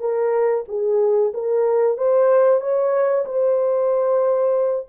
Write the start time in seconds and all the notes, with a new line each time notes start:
0.00 A#4
0.68 G#4
1.34 A#4
1.97 C5
2.61 C#5
3.26 C5